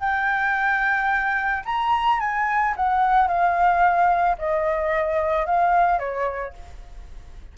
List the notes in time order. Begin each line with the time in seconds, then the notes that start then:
0.00 G5
1.66 A#5
2.20 G#5
2.76 F#5
3.28 F5
4.38 D#5
5.46 F5
5.99 C#5